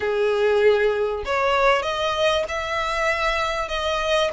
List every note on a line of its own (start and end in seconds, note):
0.00 1.23 G#4
1.25 1.82 C#5
1.82 2.44 D#5
2.48 3.68 E5
3.68 4.30 D#5